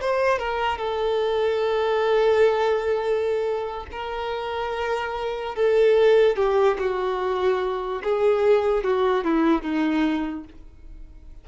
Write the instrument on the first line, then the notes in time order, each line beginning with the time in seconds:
violin
0.00 C5
0.38 A#4
0.77 A4
3.91 A#4
5.55 A4
6.36 G4
6.78 F#4
8.03 G#4
8.83 F#4
9.24 E4
9.62 D#4